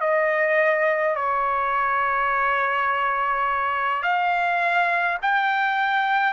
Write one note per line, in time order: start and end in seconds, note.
0.00 1.15 D#5
1.15 4.02 C#5
4.02 5.18 F5
5.22 6.33 G5